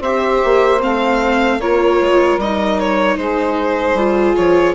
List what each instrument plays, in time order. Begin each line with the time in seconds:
0.00 bassoon C4, viola G4, saxophone C5, violin E5
0.44 bassoon A#3
0.79 bassoon A3, viola C4, violin F5
1.59 bassoon A#3, viola F4, saxophone A#4, violin C#5
2.01 bassoon G#3
2.37 bassoon G3, viola D#4, violin D#5
2.79 violin C#5
3.17 bassoon G#3, saxophone G#4, violin C5
3.94 bassoon G3, viola F4
4.36 bassoon F3, violin C#5